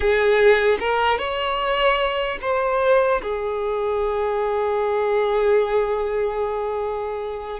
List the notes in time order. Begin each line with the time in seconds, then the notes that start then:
0.00 G#4
0.79 A#4
1.18 C#5
2.41 C5
3.21 G#4